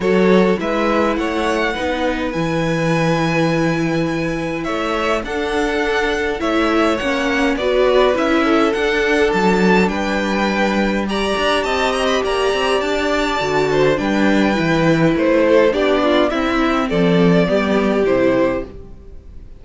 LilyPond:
<<
  \new Staff \with { instrumentName = "violin" } { \time 4/4 \tempo 4 = 103 cis''4 e''4 fis''2 | gis''1 | e''4 fis''2 e''4 | fis''4 d''4 e''4 fis''4 |
a''4 g''2 ais''4 | a''8 ais''16 b''16 ais''4 a''2 | g''2 c''4 d''4 | e''4 d''2 c''4 | }
  \new Staff \with { instrumentName = "violin" } { \time 4/4 a'4 b'4 cis''4 b'4~ | b'1 | cis''4 a'2 cis''4~ | cis''4 b'4. a'4.~ |
a'4 b'2 d''4 | dis''4 d''2~ d''8 c''8 | b'2~ b'8 a'8 g'8 f'8 | e'4 a'4 g'2 | }
  \new Staff \with { instrumentName = "viola" } { \time 4/4 fis'4 e'2 dis'4 | e'1~ | e'4 d'2 e'4 | cis'4 fis'4 e'4 d'4~ |
d'2. g'4~ | g'2. fis'4 | d'4 e'2 d'4 | c'2 b4 e'4 | }
  \new Staff \with { instrumentName = "cello" } { \time 4/4 fis4 gis4 a4 b4 | e1 | a4 d'2 a4 | ais4 b4 cis'4 d'4 |
fis4 g2~ g8 d'8 | c'4 ais8 c'8 d'4 d4 | g4 e4 a4 b4 | c'4 f4 g4 c4 | }
>>